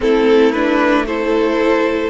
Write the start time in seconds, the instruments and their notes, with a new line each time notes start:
0.00 cello A3, viola C4, violin E4 A4
0.52 viola D4, violin B4
1.06 viola E4, violin A4 C5